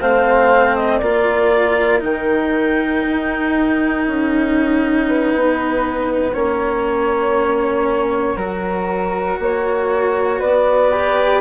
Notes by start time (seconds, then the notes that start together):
0.00 A3 C4 C5 F5
0.76 D#5
0.98 A#3 F4 A#4 D5
2.00 D#3 D#4 G5
3.08 D#4
4.06 C#4 F#5
5.08 B4
5.34 B3
6.34 A#3 C#4 C#5
8.36 F#3 F#4 A#4
9.39 A#3 C#5
10.40 B3 B4 D5
10.93 G4